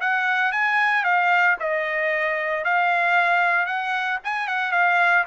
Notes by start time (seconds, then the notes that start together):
0.00 F#5
0.52 G#5
1.04 F5
1.59 D#5
2.64 F5
3.66 F#5
4.24 G#5
4.47 F#5
4.72 F5